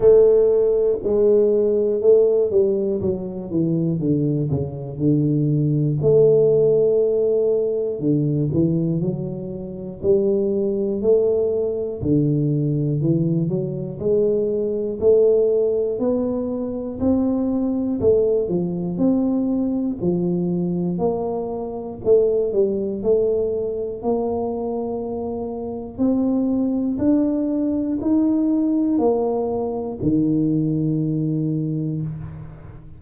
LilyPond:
\new Staff \with { instrumentName = "tuba" } { \time 4/4 \tempo 4 = 60 a4 gis4 a8 g8 fis8 e8 | d8 cis8 d4 a2 | d8 e8 fis4 g4 a4 | d4 e8 fis8 gis4 a4 |
b4 c'4 a8 f8 c'4 | f4 ais4 a8 g8 a4 | ais2 c'4 d'4 | dis'4 ais4 dis2 | }